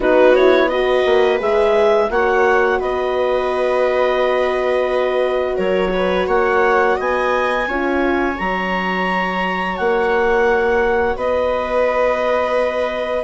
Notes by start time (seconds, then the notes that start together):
0.00 B3 D#4 F#4 B4
0.35 E4 C#5
0.68 F#4 B4 D#5
1.05 A#3
1.39 G#3 G#4 E5
2.09 A#3 F#4 C#5 F#5
2.79 B3 B4 D#5
5.56 F#3 A#4 C#5
5.92 B4
6.27 A#3 C#5 F#5
6.96 B3 D#5 G#5
7.67 C#4 F4 C#5
8.35 F#3 F#4 A#5
9.77 A#3 F#5
11.15 B3 B4 D#5